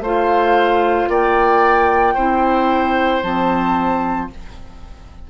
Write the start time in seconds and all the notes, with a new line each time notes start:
0.00 A3 F4 C5 F5
1.08 A#3 D5 G5
2.14 C4 E4 C5
3.23 F3 C4 A5